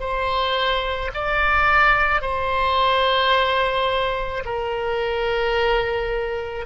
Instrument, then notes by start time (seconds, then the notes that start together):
oboe
0.00 C5
1.14 D5
2.22 C5
4.45 A#4